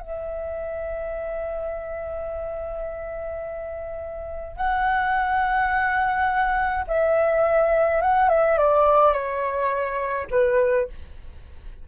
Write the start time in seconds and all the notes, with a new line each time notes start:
0.00 E5
4.57 F#5
6.88 E5
8.02 F#5
8.29 E5
8.58 D5
9.13 C#5
10.31 B4